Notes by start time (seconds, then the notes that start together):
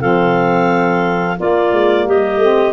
0.00 F3 C4 A4 F5
1.37 A#3 F4 D5
1.72 G#3
2.05 G3 G4 D#5
2.36 A3 C4